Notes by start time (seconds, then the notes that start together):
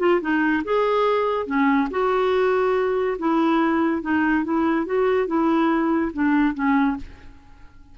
0.00 F4
0.21 D#4
0.65 G#4
1.47 C#4
1.91 F#4
3.19 E4
4.02 D#4
4.45 E4
4.86 F#4
5.28 E4
6.13 D4
6.55 C#4